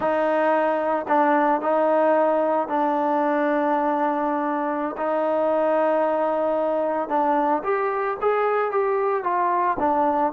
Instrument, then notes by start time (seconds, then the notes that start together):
trombone
0.00 D#4
1.08 D4
1.61 D#4
2.68 D4
4.97 D#4
7.08 D4
7.63 G4
8.21 G#4
8.71 G4
9.23 F4
9.79 D4